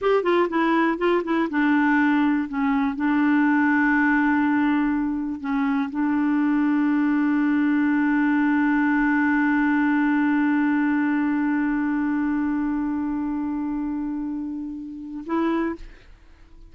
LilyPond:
\new Staff \with { instrumentName = "clarinet" } { \time 4/4 \tempo 4 = 122 g'8 f'8 e'4 f'8 e'8 d'4~ | d'4 cis'4 d'2~ | d'2. cis'4 | d'1~ |
d'1~ | d'1~ | d'1~ | d'2. e'4 | }